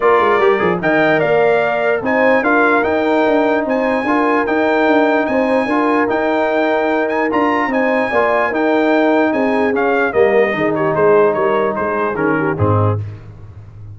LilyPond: <<
  \new Staff \with { instrumentName = "trumpet" } { \time 4/4 \tempo 4 = 148 d''2 g''4 f''4~ | f''4 gis''4 f''4 g''4~ | g''4 gis''2 g''4~ | g''4 gis''2 g''4~ |
g''4. gis''8 ais''4 gis''4~ | gis''4 g''2 gis''4 | f''4 dis''4. cis''8 c''4 | cis''4 c''4 ais'4 gis'4 | }
  \new Staff \with { instrumentName = "horn" } { \time 4/4 ais'2 dis''4 d''4~ | d''4 c''4 ais'2~ | ais'4 c''4 ais'2~ | ais'4 c''4 ais'2~ |
ais'2. c''4 | d''4 ais'2 gis'4~ | gis'4 ais'4 gis'8 g'8 gis'4 | ais'4 gis'4. g'8 dis'4 | }
  \new Staff \with { instrumentName = "trombone" } { \time 4/4 f'4 g'8 gis'8 ais'2~ | ais'4 dis'4 f'4 dis'4~ | dis'2 f'4 dis'4~ | dis'2 f'4 dis'4~ |
dis'2 f'4 dis'4 | f'4 dis'2. | cis'4 ais4 dis'2~ | dis'2 cis'4 c'4 | }
  \new Staff \with { instrumentName = "tuba" } { \time 4/4 ais8 gis8 g8 f8 dis4 ais4~ | ais4 c'4 d'4 dis'4 | d'4 c'4 d'4 dis'4 | d'4 c'4 d'4 dis'4~ |
dis'2 d'4 c'4 | ais4 dis'2 c'4 | cis'4 g4 dis4 gis4 | g4 gis4 dis4 gis,4 | }
>>